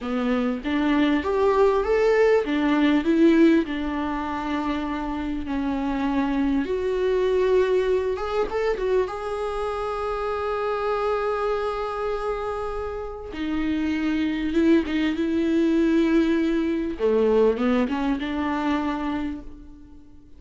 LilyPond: \new Staff \with { instrumentName = "viola" } { \time 4/4 \tempo 4 = 99 b4 d'4 g'4 a'4 | d'4 e'4 d'2~ | d'4 cis'2 fis'4~ | fis'4. gis'8 a'8 fis'8 gis'4~ |
gis'1~ | gis'2 dis'2 | e'8 dis'8 e'2. | a4 b8 cis'8 d'2 | }